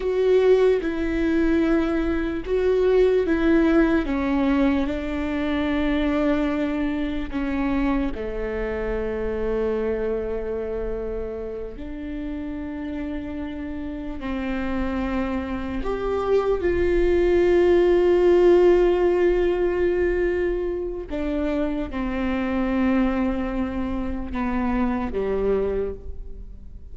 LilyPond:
\new Staff \with { instrumentName = "viola" } { \time 4/4 \tempo 4 = 74 fis'4 e'2 fis'4 | e'4 cis'4 d'2~ | d'4 cis'4 a2~ | a2~ a8 d'4.~ |
d'4. c'2 g'8~ | g'8 f'2.~ f'8~ | f'2 d'4 c'4~ | c'2 b4 g4 | }